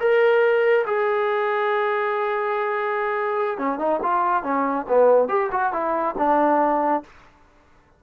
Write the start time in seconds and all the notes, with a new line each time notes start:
0.00 A#4
0.87 G#4
3.58 C#4
3.79 D#4
4.03 F4
4.43 C#4
4.89 B3
5.29 G4
5.52 F#4
5.73 E4
6.18 D4